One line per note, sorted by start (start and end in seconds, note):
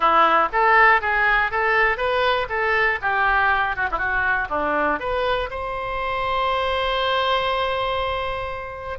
0.00 0.48 E4
0.52 1.01 A4
1.01 1.51 G#4
1.51 1.97 A4
1.97 2.47 B4
2.49 2.99 A4
3.01 3.75 G4
3.75 3.88 F#4
3.91 3.98 E4
3.98 4.48 F#4
4.49 4.99 D4
4.99 5.49 B4
5.50 8.98 C5